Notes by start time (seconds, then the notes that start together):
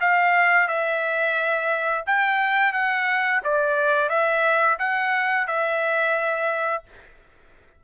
0.00 F5
0.68 E5
2.06 G5
2.73 F#5
3.43 D5
4.09 E5
4.79 F#5
5.47 E5